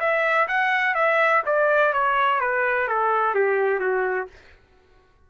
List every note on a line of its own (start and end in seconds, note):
0.00 0.48 E5
0.48 0.95 F#5
0.95 1.43 E5
1.46 1.93 D5
1.93 2.40 C#5
2.40 2.88 B4
2.88 3.35 A4
3.35 3.80 G4
3.80 4.27 F#4